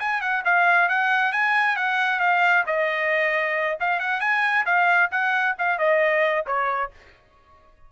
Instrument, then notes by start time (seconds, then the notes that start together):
trumpet
0.00 G#5
0.22 F#5
0.45 F5
0.89 F#5
1.33 G#5
1.77 F#5
2.20 F5
2.67 D#5
3.80 F5
4.00 F#5
4.21 G#5
4.66 F5
5.12 F#5
5.59 F5
5.79 D#5
6.47 C#5